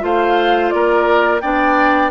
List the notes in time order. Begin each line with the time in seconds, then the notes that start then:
0.00 A3 F4 C5 F5
0.70 A#3 A#4 D5
1.41 B3 D4 D5 G5